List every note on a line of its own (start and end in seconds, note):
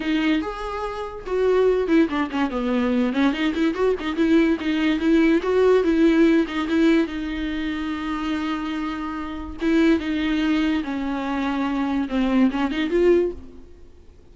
0.00 0.41 D#4
0.41 1.24 G#4
1.26 1.87 F#4
1.87 2.08 E4
2.09 2.30 D4
2.30 2.50 C#4
2.50 3.12 B3
3.12 3.32 C#4
3.32 3.53 D#4
3.54 3.74 E4
3.74 3.95 F#4
3.99 4.16 D#4
4.16 4.57 E4
4.60 4.99 D#4
4.99 5.41 E4
5.42 5.83 F#4
5.83 6.46 E4
6.47 6.67 D#4
6.67 7.06 E4
7.06 9.56 D#4
9.61 9.99 E4
9.99 10.83 D#4
10.83 12.08 C#4
12.09 12.50 C4
12.51 12.71 C#4
12.71 12.90 D#4
12.90 13.31 F4